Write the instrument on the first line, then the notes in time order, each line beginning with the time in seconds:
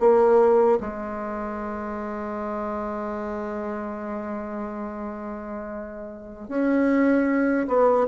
bassoon
0.00 A#3
0.80 G#3
6.48 C#4
7.68 B3